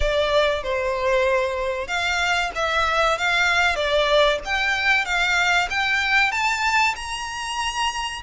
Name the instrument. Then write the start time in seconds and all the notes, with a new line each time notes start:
violin
0.00 D5
0.63 C5
1.87 F5
2.55 E5
3.18 F5
3.75 D5
4.44 G5
5.05 F5
5.70 G5
6.31 A5
6.95 A#5